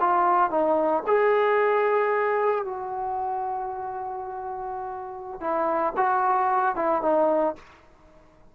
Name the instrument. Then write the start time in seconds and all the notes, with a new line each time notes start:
trombone
0.00 F4
0.50 D#4
1.07 G#4
2.65 F#4
5.40 E4
5.97 F#4
6.76 E4
7.02 D#4